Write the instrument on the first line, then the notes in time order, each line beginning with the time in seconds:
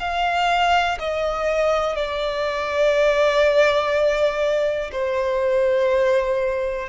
violin
0.00 F5
0.99 D#5
1.96 D5
4.93 C5